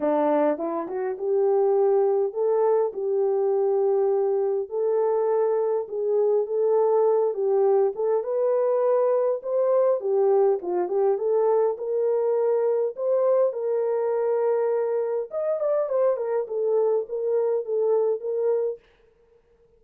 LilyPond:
\new Staff \with { instrumentName = "horn" } { \time 4/4 \tempo 4 = 102 d'4 e'8 fis'8 g'2 | a'4 g'2. | a'2 gis'4 a'4~ | a'8 g'4 a'8 b'2 |
c''4 g'4 f'8 g'8 a'4 | ais'2 c''4 ais'4~ | ais'2 dis''8 d''8 c''8 ais'8 | a'4 ais'4 a'4 ais'4 | }